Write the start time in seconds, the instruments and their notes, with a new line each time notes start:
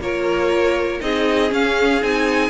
0.00 cello A#3, viola F4, violin A#4 C#5
1.00 cello C4, viola D#4, violin G#4 D#5
1.49 viola C#4, cello C#4, violin F5
2.02 cello C4, viola D#4, violin G#5